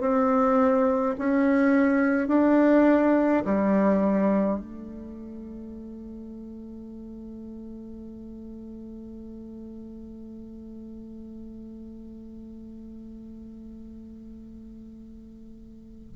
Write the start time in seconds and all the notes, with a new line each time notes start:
0.00 C4
1.19 C#4
2.28 D4
3.45 G3
4.59 A3